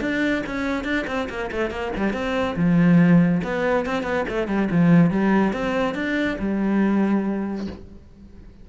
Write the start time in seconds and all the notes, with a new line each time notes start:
0.00 D4
0.46 C#4
0.84 D4
1.06 C4
1.29 A#3
1.51 A3
1.70 A#3
1.96 G3
2.13 C4
2.56 F3
3.43 B3
3.85 C4
4.03 B3
4.28 A3
4.47 G3
4.71 F3
5.10 G3
5.53 C4
5.94 D4
6.39 G3